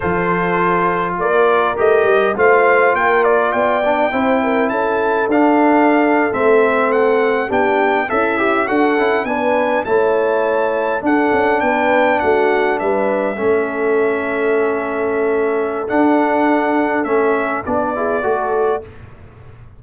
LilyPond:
<<
  \new Staff \with { instrumentName = "trumpet" } { \time 4/4 \tempo 4 = 102 c''2 d''4 dis''4 | f''4 g''8 d''8 g''2 | a''4 f''4.~ f''16 e''4 fis''16~ | fis''8. g''4 e''4 fis''4 gis''16~ |
gis''8. a''2 fis''4 g''16~ | g''8. fis''4 e''2~ e''16~ | e''2. fis''4~ | fis''4 e''4 d''2 | }
  \new Staff \with { instrumentName = "horn" } { \time 4/4 a'2 ais'2 | c''4 ais'4 d''4 c''8 ais'8 | a'1~ | a'8. g'4 e'4 a'4 b'16~ |
b'8. cis''2 a'4 b'16~ | b'8. fis'4 b'4 a'4~ a'16~ | a'1~ | a'2~ a'8 gis'8 a'4 | }
  \new Staff \with { instrumentName = "trombone" } { \time 4/4 f'2. g'4 | f'2~ f'8 d'8 e'4~ | e'4 d'4.~ d'16 c'4~ c'16~ | c'8. d'4 a'8 g'8 fis'8 e'8 d'16~ |
d'8. e'2 d'4~ d'16~ | d'2~ d'8. cis'4~ cis'16~ | cis'2. d'4~ | d'4 cis'4 d'8 e'8 fis'4 | }
  \new Staff \with { instrumentName = "tuba" } { \time 4/4 f2 ais4 a8 g8 | a4 ais4 b4 c'4 | cis'4 d'4.~ d'16 a4~ a16~ | a8. b4 cis'4 d'8 cis'8 b16~ |
b8. a2 d'8 cis'8 b16~ | b8. a4 g4 a4~ a16~ | a2. d'4~ | d'4 a4 b4 a4 | }
>>